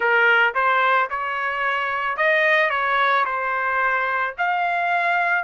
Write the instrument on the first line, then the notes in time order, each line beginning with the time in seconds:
trumpet
0.00 A#4
0.54 C5
1.10 C#5
2.16 D#5
2.70 C#5
3.25 C5
4.37 F5